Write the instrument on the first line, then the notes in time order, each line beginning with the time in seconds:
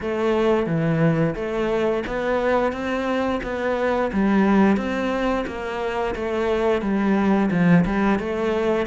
cello
0.01 A3
0.66 E3
1.35 A3
2.06 B3
2.72 C4
3.43 B3
4.12 G3
4.76 C4
5.46 A#3
6.15 A3
6.81 G3
7.50 F3
7.85 G3
8.19 A3